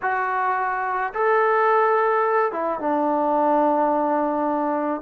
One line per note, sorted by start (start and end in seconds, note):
0.02 1.13 F#4
1.13 2.52 A4
2.52 2.79 E4
2.79 5.01 D4